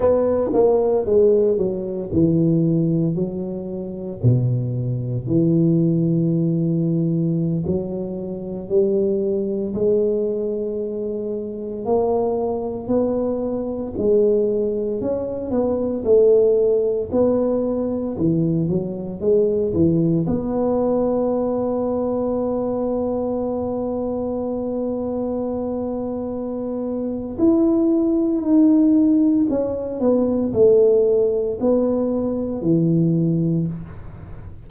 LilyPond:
\new Staff \with { instrumentName = "tuba" } { \time 4/4 \tempo 4 = 57 b8 ais8 gis8 fis8 e4 fis4 | b,4 e2~ e16 fis8.~ | fis16 g4 gis2 ais8.~ | ais16 b4 gis4 cis'8 b8 a8.~ |
a16 b4 e8 fis8 gis8 e8 b8.~ | b1~ | b2 e'4 dis'4 | cis'8 b8 a4 b4 e4 | }